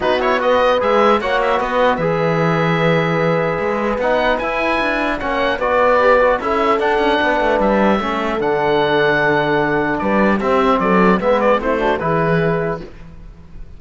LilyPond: <<
  \new Staff \with { instrumentName = "oboe" } { \time 4/4 \tempo 4 = 150 b'8 cis''8 dis''4 e''4 fis''8 e''8 | dis''4 e''2.~ | e''2 fis''4 gis''4~ | gis''4 fis''4 d''2 |
e''4 fis''2 e''4~ | e''4 fis''2.~ | fis''4 d''4 e''4 d''4 | e''8 d''8 c''4 b'2 | }
  \new Staff \with { instrumentName = "horn" } { \time 4/4 fis'4 b'2 cis''4 | b'1~ | b'1~ | b'4 cis''4 b'2 |
a'2 b'2 | a'1~ | a'4 b'4 g'4 a'4 | b'4 e'8 fis'8 gis'2 | }
  \new Staff \with { instrumentName = "trombone" } { \time 4/4 dis'8 e'8 fis'4 gis'4 fis'4~ | fis'4 gis'2.~ | gis'2 dis'4 e'4~ | e'4 cis'4 fis'4 g'8 fis'8 |
e'4 d'2. | cis'4 d'2.~ | d'2 c'2 | b4 c'8 d'8 e'2 | }
  \new Staff \with { instrumentName = "cello" } { \time 4/4 b2 gis4 ais4 | b4 e2.~ | e4 gis4 b4 e'4 | d'4 ais4 b2 |
cis'4 d'8 cis'8 b8 a8 g4 | a4 d2.~ | d4 g4 c'4 fis4 | gis4 a4 e2 | }
>>